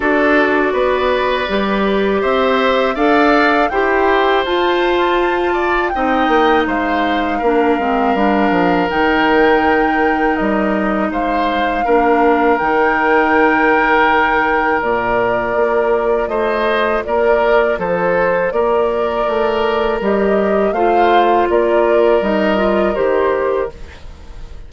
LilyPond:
<<
  \new Staff \with { instrumentName = "flute" } { \time 4/4 \tempo 4 = 81 d''2. e''4 | f''4 g''4 a''2 | g''4 f''2. | g''2 dis''4 f''4~ |
f''4 g''2. | d''2 dis''4 d''4 | c''4 d''2 dis''4 | f''4 d''4 dis''4 c''4 | }
  \new Staff \with { instrumentName = "oboe" } { \time 4/4 a'4 b'2 c''4 | d''4 c''2~ c''8 d''8 | dis''4 c''4 ais'2~ | ais'2. c''4 |
ais'1~ | ais'2 c''4 ais'4 | a'4 ais'2. | c''4 ais'2. | }
  \new Staff \with { instrumentName = "clarinet" } { \time 4/4 fis'2 g'2 | a'4 g'4 f'2 | dis'2 d'8 c'8 d'4 | dis'1 |
d'4 dis'2. | f'1~ | f'2. g'4 | f'2 dis'8 f'8 g'4 | }
  \new Staff \with { instrumentName = "bassoon" } { \time 4/4 d'4 b4 g4 c'4 | d'4 e'4 f'2 | c'8 ais8 gis4 ais8 gis8 g8 f8 | dis2 g4 gis4 |
ais4 dis2. | ais,4 ais4 a4 ais4 | f4 ais4 a4 g4 | a4 ais4 g4 dis4 | }
>>